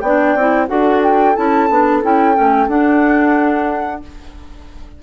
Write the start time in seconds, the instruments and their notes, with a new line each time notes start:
0.00 bassoon B3, clarinet D4, horn D5, flute G5
0.35 bassoon C4, clarinet E4
0.67 bassoon D4, clarinet F#4, horn A4, flute F#5
1.03 flute G5
1.36 bassoon C#4, clarinet E4, flute A5
1.69 bassoon B3, clarinet D4
2.02 bassoon C#4, clarinet E4, flute G5
2.34 bassoon A3, clarinet C#4
2.68 bassoon D4, clarinet D4, flute F#5